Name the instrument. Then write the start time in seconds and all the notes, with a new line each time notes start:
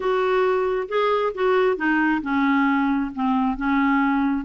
clarinet
0.00 F#4
0.88 G#4
1.34 F#4
1.76 D#4
2.22 C#4
3.14 C4
3.56 C#4